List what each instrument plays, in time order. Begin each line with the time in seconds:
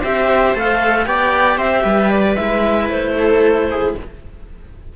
0.00 cello C4 G4, viola C5, clarinet E5
0.54 cello A3 A4, clarinet F5
1.05 cello B3 G4, viola D5, clarinet G5
1.57 cello C4, viola C5, clarinet E5
1.83 cello G3, viola B4
2.10 clarinet D5
2.35 cello G#3 E4, clarinet E5
2.89 cello A3, clarinet C5
3.18 viola A4
3.70 viola G#4